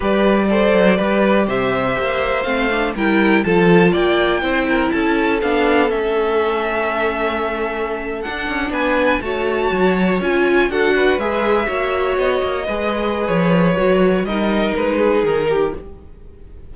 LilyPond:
<<
  \new Staff \with { instrumentName = "violin" } { \time 4/4 \tempo 4 = 122 d''2. e''4~ | e''4 f''4 g''4 a''4 | g''2 a''4 f''4 | e''1~ |
e''8. fis''4 gis''4 a''4~ a''16~ | a''8. gis''4 fis''4 e''4~ e''16~ | e''8. dis''2~ dis''16 cis''4~ | cis''4 dis''4 b'4 ais'4 | }
  \new Staff \with { instrumentName = "violin" } { \time 4/4 b'4 c''4 b'4 c''4~ | c''2 ais'4 a'4 | d''4 c''8 ais'8 a'2~ | a'1~ |
a'4.~ a'16 b'4 cis''4~ cis''16~ | cis''4.~ cis''16 a'8 b'4. cis''16~ | cis''4.~ cis''16 b'2~ b'16~ | b'4 ais'4. gis'4 g'8 | }
  \new Staff \with { instrumentName = "viola" } { \time 4/4 g'4 a'4 g'2~ | g'4 c'8 d'8 e'4 f'4~ | f'4 e'2 d'4 | cis'1~ |
cis'8. d'2 fis'4~ fis'16~ | fis'8. f'4 fis'4 gis'4 fis'16~ | fis'4.~ fis'16 gis'2~ gis'16 | fis'4 dis'2. | }
  \new Staff \with { instrumentName = "cello" } { \time 4/4 g4. fis8 g4 c4 | ais4 a4 g4 f4 | ais4 c'4 cis'4 b4 | a1~ |
a8. d'8 cis'8 b4 a4 fis16~ | fis8. cis'4 d'4 gis4 ais16~ | ais8. b8 ais8 gis4~ gis16 f4 | fis4 g4 gis4 dis4 | }
>>